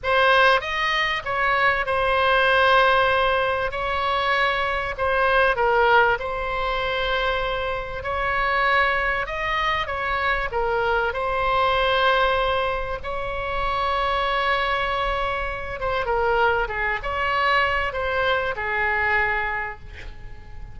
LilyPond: \new Staff \with { instrumentName = "oboe" } { \time 4/4 \tempo 4 = 97 c''4 dis''4 cis''4 c''4~ | c''2 cis''2 | c''4 ais'4 c''2~ | c''4 cis''2 dis''4 |
cis''4 ais'4 c''2~ | c''4 cis''2.~ | cis''4. c''8 ais'4 gis'8 cis''8~ | cis''4 c''4 gis'2 | }